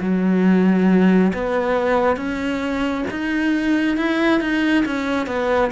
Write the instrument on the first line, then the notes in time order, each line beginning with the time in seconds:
cello
0.00 F#3
1.34 B3
2.16 C#4
3.10 D#4
3.97 E4
4.40 D#4
4.85 C#4
5.27 B3